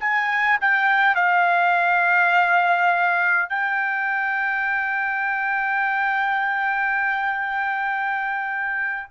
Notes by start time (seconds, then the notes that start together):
0.00 G#5
0.61 G5
1.16 F5
3.50 G5